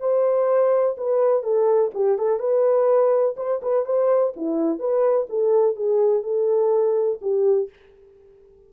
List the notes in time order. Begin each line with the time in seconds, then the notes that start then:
0.00 C5
0.98 B4
1.43 A4
1.95 G4
2.19 A4
2.40 B4
3.37 C5
3.62 B4
3.86 C5
4.37 E4
4.79 B4
5.30 A4
5.76 G#4
6.23 A4
7.22 G4